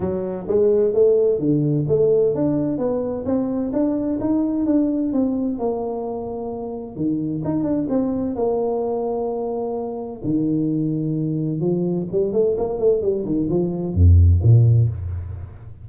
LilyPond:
\new Staff \with { instrumentName = "tuba" } { \time 4/4 \tempo 4 = 129 fis4 gis4 a4 d4 | a4 d'4 b4 c'4 | d'4 dis'4 d'4 c'4 | ais2. dis4 |
dis'8 d'8 c'4 ais2~ | ais2 dis2~ | dis4 f4 g8 a8 ais8 a8 | g8 dis8 f4 f,4 ais,4 | }